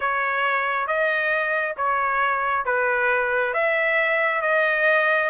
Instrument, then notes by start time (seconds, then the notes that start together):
trumpet
0.00 C#5
0.87 D#5
1.76 C#5
2.65 B4
3.53 E5
4.41 D#5